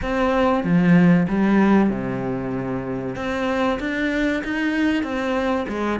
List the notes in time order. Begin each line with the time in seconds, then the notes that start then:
0.01 C4
0.63 F3
1.28 G3
1.89 C3
3.15 C4
3.79 D4
4.44 D#4
5.03 C4
5.68 G#3